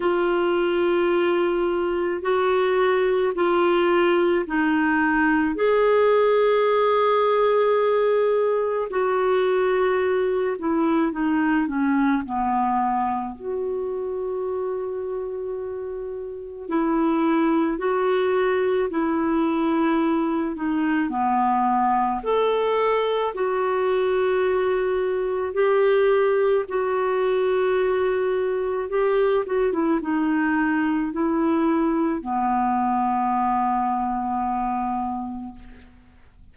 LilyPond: \new Staff \with { instrumentName = "clarinet" } { \time 4/4 \tempo 4 = 54 f'2 fis'4 f'4 | dis'4 gis'2. | fis'4. e'8 dis'8 cis'8 b4 | fis'2. e'4 |
fis'4 e'4. dis'8 b4 | a'4 fis'2 g'4 | fis'2 g'8 fis'16 e'16 dis'4 | e'4 b2. | }